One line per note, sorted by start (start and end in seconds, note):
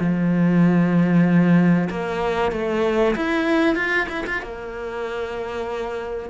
0.00 1.89 F3
1.90 2.52 A#3
2.52 3.16 A3
3.16 3.76 E4
3.76 4.07 F4
4.09 4.25 E4
4.27 4.43 F4
4.43 6.30 A#3